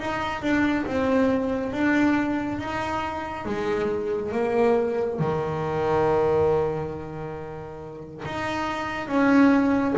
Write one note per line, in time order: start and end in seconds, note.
0.00 0.43 D#4
0.43 0.86 D4
0.87 1.73 C4
1.73 2.59 D4
2.59 3.45 D#4
3.45 4.32 G#3
4.32 5.19 A#3
5.20 8.24 D#3
8.26 9.08 D#4
9.08 9.95 C#4